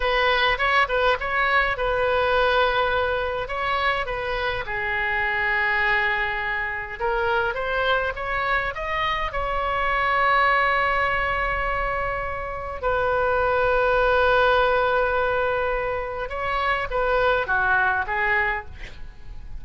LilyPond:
\new Staff \with { instrumentName = "oboe" } { \time 4/4 \tempo 4 = 103 b'4 cis''8 b'8 cis''4 b'4~ | b'2 cis''4 b'4 | gis'1 | ais'4 c''4 cis''4 dis''4 |
cis''1~ | cis''2 b'2~ | b'1 | cis''4 b'4 fis'4 gis'4 | }